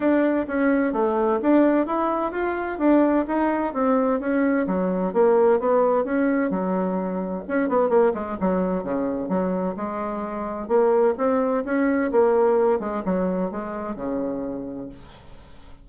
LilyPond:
\new Staff \with { instrumentName = "bassoon" } { \time 4/4 \tempo 4 = 129 d'4 cis'4 a4 d'4 | e'4 f'4 d'4 dis'4 | c'4 cis'4 fis4 ais4 | b4 cis'4 fis2 |
cis'8 b8 ais8 gis8 fis4 cis4 | fis4 gis2 ais4 | c'4 cis'4 ais4. gis8 | fis4 gis4 cis2 | }